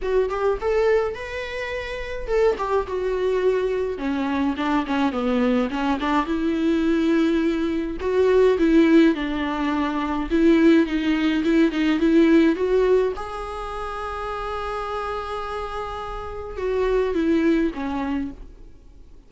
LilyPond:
\new Staff \with { instrumentName = "viola" } { \time 4/4 \tempo 4 = 105 fis'8 g'8 a'4 b'2 | a'8 g'8 fis'2 cis'4 | d'8 cis'8 b4 cis'8 d'8 e'4~ | e'2 fis'4 e'4 |
d'2 e'4 dis'4 | e'8 dis'8 e'4 fis'4 gis'4~ | gis'1~ | gis'4 fis'4 e'4 cis'4 | }